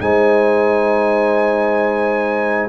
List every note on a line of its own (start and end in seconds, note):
0.00 2.69 G#3
0.00 2.69 D#4
0.00 2.69 C5
0.00 2.69 G#5